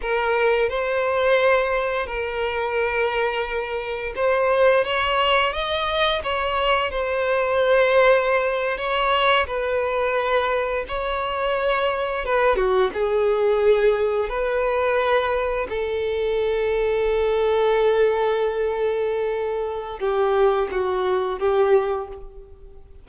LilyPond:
\new Staff \with { instrumentName = "violin" } { \time 4/4 \tempo 4 = 87 ais'4 c''2 ais'4~ | ais'2 c''4 cis''4 | dis''4 cis''4 c''2~ | c''8. cis''4 b'2 cis''16~ |
cis''4.~ cis''16 b'8 fis'8 gis'4~ gis'16~ | gis'8. b'2 a'4~ a'16~ | a'1~ | a'4 g'4 fis'4 g'4 | }